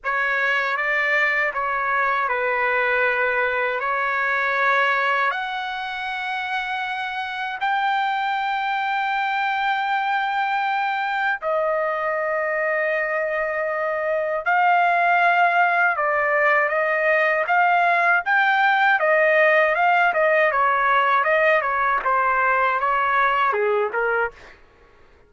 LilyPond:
\new Staff \with { instrumentName = "trumpet" } { \time 4/4 \tempo 4 = 79 cis''4 d''4 cis''4 b'4~ | b'4 cis''2 fis''4~ | fis''2 g''2~ | g''2. dis''4~ |
dis''2. f''4~ | f''4 d''4 dis''4 f''4 | g''4 dis''4 f''8 dis''8 cis''4 | dis''8 cis''8 c''4 cis''4 gis'8 ais'8 | }